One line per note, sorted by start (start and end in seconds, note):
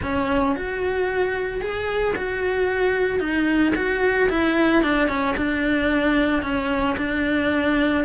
0.02 0.55 C#4
0.55 1.61 F#4
1.61 2.14 G#4
2.16 3.19 F#4
3.19 3.73 D#4
3.75 4.29 F#4
4.29 4.82 E4
4.82 5.08 D4
5.08 5.35 C#4
5.36 6.42 D4
6.42 6.95 C#4
6.97 8.04 D4